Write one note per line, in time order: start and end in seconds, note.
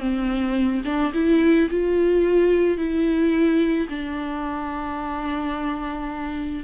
0.00 0.83 C4
0.85 1.13 D4
1.14 1.69 E4
1.71 2.78 F4
2.78 3.88 E4
3.90 6.64 D4